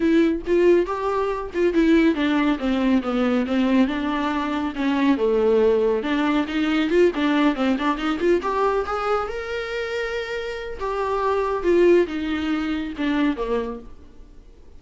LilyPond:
\new Staff \with { instrumentName = "viola" } { \time 4/4 \tempo 4 = 139 e'4 f'4 g'4. f'8 | e'4 d'4 c'4 b4 | c'4 d'2 cis'4 | a2 d'4 dis'4 |
f'8 d'4 c'8 d'8 dis'8 f'8 g'8~ | g'8 gis'4 ais'2~ ais'8~ | ais'4 g'2 f'4 | dis'2 d'4 ais4 | }